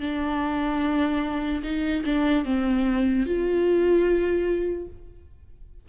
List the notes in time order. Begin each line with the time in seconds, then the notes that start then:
0.00 D4
1.63 D#4
2.05 D4
2.45 C4
3.26 F4